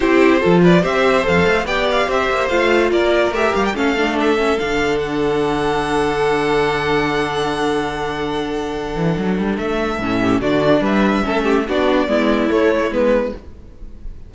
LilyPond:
<<
  \new Staff \with { instrumentName = "violin" } { \time 4/4 \tempo 4 = 144 c''4. d''8 e''4 f''4 | g''8 f''8 e''4 f''4 d''4 | e''8 f''16 g''16 f''4 e''4 f''4 | fis''1~ |
fis''1~ | fis''2. e''4~ | e''4 d''4 e''2 | d''2 cis''4 b'4 | }
  \new Staff \with { instrumentName = "violin" } { \time 4/4 g'4 a'8 b'8 c''2 | d''4 c''2 ais'4~ | ais'4 a'2.~ | a'1~ |
a'1~ | a'1~ | a'8 g'8 fis'4 b'4 a'8 g'8 | fis'4 e'2. | }
  \new Staff \with { instrumentName = "viola" } { \time 4/4 e'4 f'4 g'4 a'4 | g'2 f'2 | g'4 cis'8 d'4 cis'8 d'4~ | d'1~ |
d'1~ | d'1 | cis'4 d'2 cis'4 | d'4 b4 a4 b4 | }
  \new Staff \with { instrumentName = "cello" } { \time 4/4 c'4 f4 c'4 f,8 a8 | b4 c'8 ais8 a4 ais4 | a8 g8 a2 d4~ | d1~ |
d1~ | d4. e8 fis8 g8 a4 | a,4 d4 g4 a4 | b4 gis4 a4 gis4 | }
>>